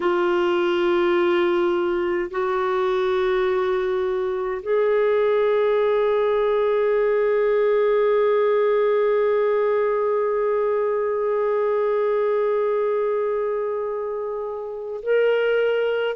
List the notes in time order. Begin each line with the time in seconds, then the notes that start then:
0.00 F4
2.31 F#4
4.62 G#4
15.02 A#4